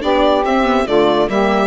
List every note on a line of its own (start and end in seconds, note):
0.00 0.44 B3
0.00 0.42 D4
0.00 0.86 G4
0.00 0.44 D5
0.44 0.86 C4
0.44 0.63 C4
0.44 0.87 E5
0.63 0.84 B3
0.86 1.28 D3
0.86 1.29 A3
0.86 1.29 F4
0.86 1.29 D5
1.28 1.67 G3
1.28 1.67 A#3
1.28 1.67 G4
1.28 1.67 E5